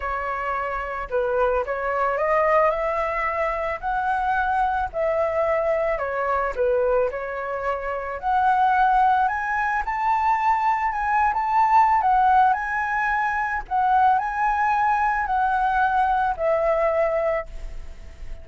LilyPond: \new Staff \with { instrumentName = "flute" } { \time 4/4 \tempo 4 = 110 cis''2 b'4 cis''4 | dis''4 e''2 fis''4~ | fis''4 e''2 cis''4 | b'4 cis''2 fis''4~ |
fis''4 gis''4 a''2 | gis''8. a''4~ a''16 fis''4 gis''4~ | gis''4 fis''4 gis''2 | fis''2 e''2 | }